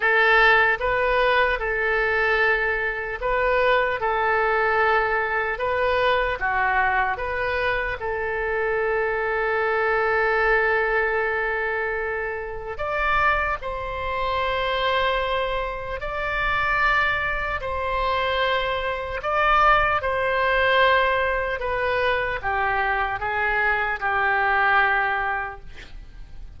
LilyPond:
\new Staff \with { instrumentName = "oboe" } { \time 4/4 \tempo 4 = 75 a'4 b'4 a'2 | b'4 a'2 b'4 | fis'4 b'4 a'2~ | a'1 |
d''4 c''2. | d''2 c''2 | d''4 c''2 b'4 | g'4 gis'4 g'2 | }